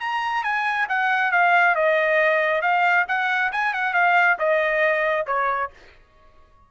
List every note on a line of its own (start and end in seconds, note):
0.00 0.44 A#5
0.44 0.88 G#5
0.89 1.32 F#5
1.32 1.75 F5
1.75 2.62 D#5
2.62 3.06 F5
3.08 3.52 F#5
3.52 3.74 G#5
3.74 3.94 F#5
3.94 4.37 F5
4.39 5.27 D#5
5.27 5.70 C#5